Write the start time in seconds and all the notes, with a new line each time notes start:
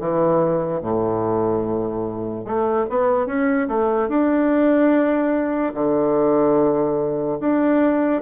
0.00 E3
0.81 A2
2.45 A3
2.90 B3
3.27 C#4
3.68 A3
4.09 D4
5.74 D3
7.40 D4